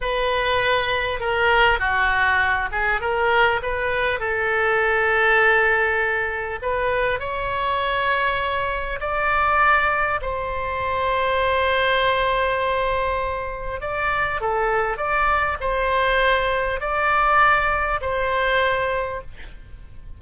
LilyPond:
\new Staff \with { instrumentName = "oboe" } { \time 4/4 \tempo 4 = 100 b'2 ais'4 fis'4~ | fis'8 gis'8 ais'4 b'4 a'4~ | a'2. b'4 | cis''2. d''4~ |
d''4 c''2.~ | c''2. d''4 | a'4 d''4 c''2 | d''2 c''2 | }